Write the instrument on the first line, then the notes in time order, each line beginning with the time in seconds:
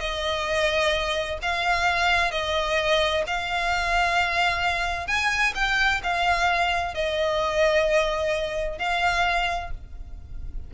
violin
0.00 D#5
1.42 F5
2.31 D#5
3.27 F5
5.07 G#5
5.55 G5
6.03 F5
6.94 D#5
8.78 F5